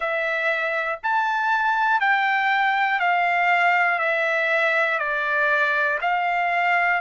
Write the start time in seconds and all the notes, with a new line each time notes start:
0.00 E5
1.03 A5
2.00 G5
2.99 F5
3.99 E5
4.99 D5
6.00 F5